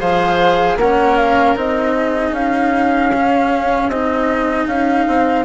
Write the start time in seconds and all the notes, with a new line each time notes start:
0.00 F3 G#4 C5 F5
0.76 A#3 C#4 A#4 F#5
1.17 F5
1.56 C4 D#4 D#5
1.95 G#4
2.31 C#4 F5
3.14 C#4
3.88 C4 D#4 D#5
4.66 C#4 F5
5.08 C4